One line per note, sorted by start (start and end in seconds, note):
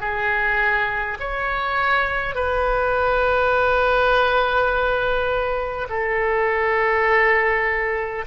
0.00 1.18 G#4
1.19 2.35 C#5
2.35 5.88 B4
5.89 8.25 A4